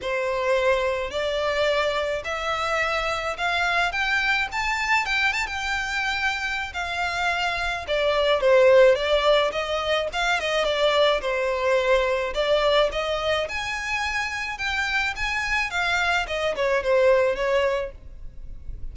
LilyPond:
\new Staff \with { instrumentName = "violin" } { \time 4/4 \tempo 4 = 107 c''2 d''2 | e''2 f''4 g''4 | a''4 g''8 a''16 g''2~ g''16 | f''2 d''4 c''4 |
d''4 dis''4 f''8 dis''8 d''4 | c''2 d''4 dis''4 | gis''2 g''4 gis''4 | f''4 dis''8 cis''8 c''4 cis''4 | }